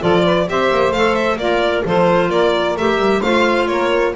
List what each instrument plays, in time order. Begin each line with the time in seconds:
0.00 double bass F3, clarinet F4, saxophone A4, violin D5
0.25 saxophone B4
0.48 double bass C4, clarinet G4, saxophone C5, violin E5
0.71 double bass A#3
0.90 double bass A3, clarinet A4, violin F5
1.15 violin E5
1.37 double bass A#3, saxophone F4, clarinet A#4, violin D5
1.85 double bass F3, clarinet F4, saxophone A4, violin C5
2.29 double bass A#3, saxophone A#4, violin D5
2.77 double bass A3, clarinet G4, violin E5
2.98 double bass G3
3.22 double bass A3, clarinet F4, saxophone C5, violin F5
3.67 double bass A#3, saxophone A#4, violin C#5